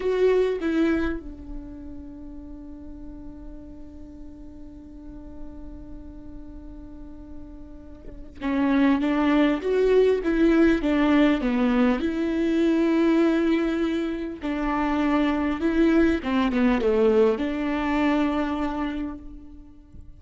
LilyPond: \new Staff \with { instrumentName = "viola" } { \time 4/4 \tempo 4 = 100 fis'4 e'4 d'2~ | d'1~ | d'1~ | d'2 cis'4 d'4 |
fis'4 e'4 d'4 b4 | e'1 | d'2 e'4 c'8 b8 | a4 d'2. | }